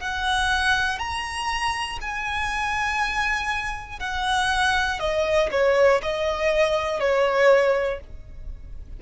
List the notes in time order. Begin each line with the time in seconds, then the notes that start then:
0.00 F#5
0.98 A#5
2.01 G#5
4.00 F#5
4.99 D#5
5.51 C#5
6.02 D#5
7.00 C#5